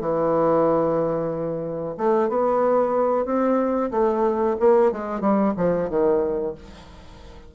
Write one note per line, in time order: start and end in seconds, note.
0.00 1.96 E3
1.97 2.29 A3
2.29 3.25 B3
3.25 3.90 C4
3.91 4.56 A3
4.59 4.92 A#3
4.92 5.21 G#3
5.21 5.53 G3
5.57 5.89 F3
5.89 6.55 D#3